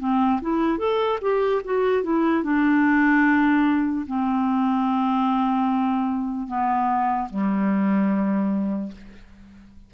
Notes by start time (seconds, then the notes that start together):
0.00 C4
0.42 E4
0.79 A4
1.22 G4
1.65 F#4
2.04 E4
2.44 D4
4.07 C4
6.48 B3
7.30 G3